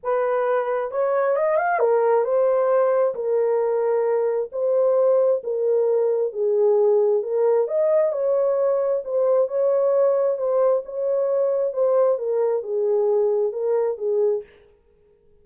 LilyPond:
\new Staff \with { instrumentName = "horn" } { \time 4/4 \tempo 4 = 133 b'2 cis''4 dis''8 f''8 | ais'4 c''2 ais'4~ | ais'2 c''2 | ais'2 gis'2 |
ais'4 dis''4 cis''2 | c''4 cis''2 c''4 | cis''2 c''4 ais'4 | gis'2 ais'4 gis'4 | }